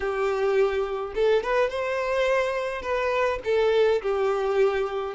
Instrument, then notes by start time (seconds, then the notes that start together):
violin
0.00 G4
1.15 A4
1.43 B4
1.69 C5
2.82 B4
3.44 A4
4.02 G4